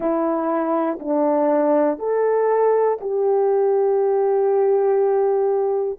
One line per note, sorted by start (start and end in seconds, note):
0.00 0.98 E4
1.00 1.99 D4
1.99 2.99 A4
3.00 5.99 G4